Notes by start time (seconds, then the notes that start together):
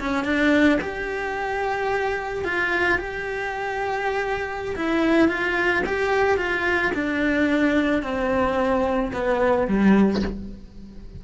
0.00 C#4
0.24 D4
0.81 G4
2.44 F4
2.99 G4
4.76 E4
5.28 F4
5.86 G4
6.37 F4
6.94 D4
8.03 C4
9.13 B3
9.68 G3